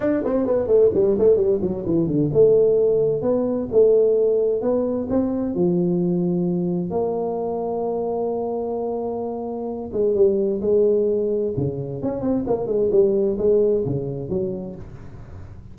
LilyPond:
\new Staff \with { instrumentName = "tuba" } { \time 4/4 \tempo 4 = 130 d'8 c'8 b8 a8 g8 a8 g8 fis8 | e8 d8 a2 b4 | a2 b4 c'4 | f2. ais4~ |
ais1~ | ais4. gis8 g4 gis4~ | gis4 cis4 cis'8 c'8 ais8 gis8 | g4 gis4 cis4 fis4 | }